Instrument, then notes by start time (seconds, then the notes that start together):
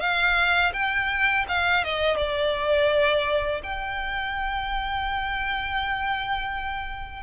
violin
0.00 F5
0.73 G5
1.48 F5
1.84 D#5
2.17 D5
3.63 G5